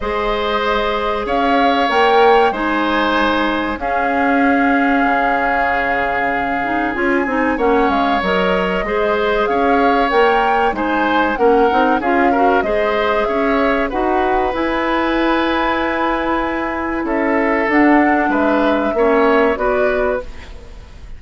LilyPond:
<<
  \new Staff \with { instrumentName = "flute" } { \time 4/4 \tempo 4 = 95 dis''2 f''4 g''4 | gis''2 f''2~ | f''2. gis''4 | fis''8 f''8 dis''2 f''4 |
g''4 gis''4 fis''4 f''4 | dis''4 e''4 fis''4 gis''4~ | gis''2. e''4 | fis''4 e''2 d''4 | }
  \new Staff \with { instrumentName = "oboe" } { \time 4/4 c''2 cis''2 | c''2 gis'2~ | gis'1 | cis''2 c''4 cis''4~ |
cis''4 c''4 ais'4 gis'8 ais'8 | c''4 cis''4 b'2~ | b'2. a'4~ | a'4 b'4 cis''4 b'4 | }
  \new Staff \with { instrumentName = "clarinet" } { \time 4/4 gis'2. ais'4 | dis'2 cis'2~ | cis'2~ cis'8 dis'8 f'8 dis'8 | cis'4 ais'4 gis'2 |
ais'4 dis'4 cis'8 dis'8 f'8 fis'8 | gis'2 fis'4 e'4~ | e'1 | d'2 cis'4 fis'4 | }
  \new Staff \with { instrumentName = "bassoon" } { \time 4/4 gis2 cis'4 ais4 | gis2 cis'2 | cis2. cis'8 c'8 | ais8 gis8 fis4 gis4 cis'4 |
ais4 gis4 ais8 c'8 cis'4 | gis4 cis'4 dis'4 e'4~ | e'2. cis'4 | d'4 gis4 ais4 b4 | }
>>